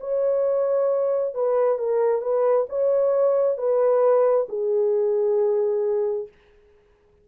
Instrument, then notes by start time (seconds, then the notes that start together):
horn
0.00 C#5
1.34 B4
1.78 A#4
2.22 B4
2.69 C#5
3.57 B4
4.49 G#4